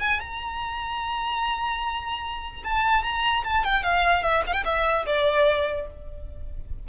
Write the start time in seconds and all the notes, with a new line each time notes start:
0.00 G#5
0.20 A#5
2.64 A5
3.03 A#5
3.44 A5
3.64 G5
3.83 F5
4.23 E5
4.47 F5
4.54 G5
4.65 E5
5.06 D5